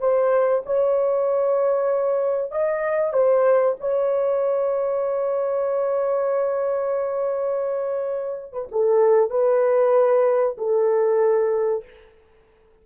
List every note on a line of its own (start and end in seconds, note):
0.00 0.63 C5
0.66 2.51 C#5
2.51 3.13 D#5
3.13 3.76 C5
3.80 8.53 C#5
8.53 8.68 B4
8.72 9.30 A4
9.30 10.56 B4
10.58 11.84 A4